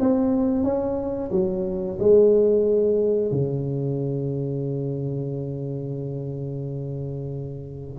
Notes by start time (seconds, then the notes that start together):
0.00 C4
0.64 C#4
1.32 F#3
2.00 G#3
3.32 C#3